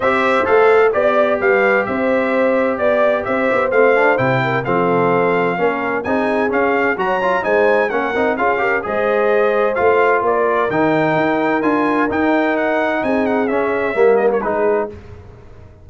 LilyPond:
<<
  \new Staff \with { instrumentName = "trumpet" } { \time 4/4 \tempo 4 = 129 e''4 f''4 d''4 f''4 | e''2 d''4 e''4 | f''4 g''4 f''2~ | f''4 gis''4 f''4 ais''4 |
gis''4 fis''4 f''4 dis''4~ | dis''4 f''4 d''4 g''4~ | g''4 gis''4 g''4 fis''4 | gis''8 fis''8 e''4. dis''16 cis''16 b'4 | }
  \new Staff \with { instrumentName = "horn" } { \time 4/4 c''2 d''4 b'4 | c''2 d''4 c''4~ | c''4. ais'8 a'2 | ais'4 gis'2 cis''4 |
c''4 ais'4 gis'8 ais'8 c''4~ | c''2 ais'2~ | ais'1 | gis'2 ais'4 gis'4 | }
  \new Staff \with { instrumentName = "trombone" } { \time 4/4 g'4 a'4 g'2~ | g'1 | c'8 d'8 e'4 c'2 | cis'4 dis'4 cis'4 fis'8 f'8 |
dis'4 cis'8 dis'8 f'8 g'8 gis'4~ | gis'4 f'2 dis'4~ | dis'4 f'4 dis'2~ | dis'4 cis'4 ais4 dis'4 | }
  \new Staff \with { instrumentName = "tuba" } { \time 4/4 c'4 a4 b4 g4 | c'2 b4 c'8 b8 | a4 c4 f2 | ais4 c'4 cis'4 fis4 |
gis4 ais8 c'8 cis'4 gis4~ | gis4 a4 ais4 dis4 | dis'4 d'4 dis'2 | c'4 cis'4 g4 gis4 | }
>>